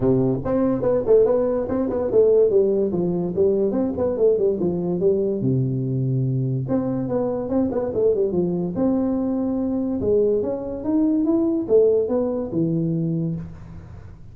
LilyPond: \new Staff \with { instrumentName = "tuba" } { \time 4/4 \tempo 4 = 144 c4 c'4 b8 a8 b4 | c'8 b8 a4 g4 f4 | g4 c'8 b8 a8 g8 f4 | g4 c2. |
c'4 b4 c'8 b8 a8 g8 | f4 c'2. | gis4 cis'4 dis'4 e'4 | a4 b4 e2 | }